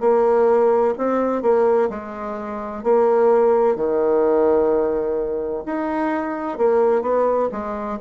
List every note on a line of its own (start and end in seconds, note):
0.00 0.94 A#3
0.97 1.42 C4
1.42 1.89 A#3
1.89 2.83 G#3
2.83 3.76 A#3
3.76 5.63 D#3
5.65 6.58 D#4
6.58 7.02 A#3
7.02 7.49 B3
7.51 7.98 G#3